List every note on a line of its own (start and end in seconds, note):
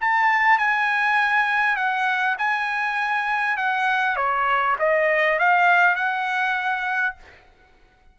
0.00 0.58 A5
0.58 1.76 G#5
1.76 2.36 F#5
2.38 3.57 G#5
3.57 4.16 F#5
4.16 4.76 C#5
4.79 5.38 D#5
5.38 5.95 F5
5.95 7.15 F#5